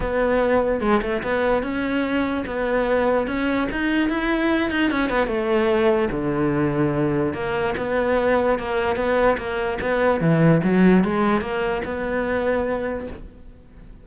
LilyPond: \new Staff \with { instrumentName = "cello" } { \time 4/4 \tempo 4 = 147 b2 gis8 a8 b4 | cis'2 b2 | cis'4 dis'4 e'4. dis'8 | cis'8 b8 a2 d4~ |
d2 ais4 b4~ | b4 ais4 b4 ais4 | b4 e4 fis4 gis4 | ais4 b2. | }